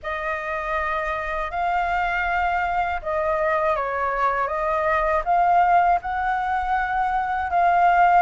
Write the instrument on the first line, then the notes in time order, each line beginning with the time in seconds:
flute
0.02 D#5
1.50 F5
3.02 D#5
3.75 C#5
4.47 D#5
5.24 F5
6.01 F#5
7.50 F5